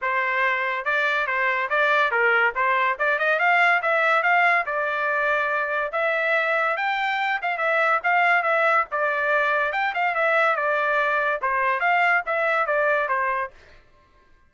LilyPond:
\new Staff \with { instrumentName = "trumpet" } { \time 4/4 \tempo 4 = 142 c''2 d''4 c''4 | d''4 ais'4 c''4 d''8 dis''8 | f''4 e''4 f''4 d''4~ | d''2 e''2 |
g''4. f''8 e''4 f''4 | e''4 d''2 g''8 f''8 | e''4 d''2 c''4 | f''4 e''4 d''4 c''4 | }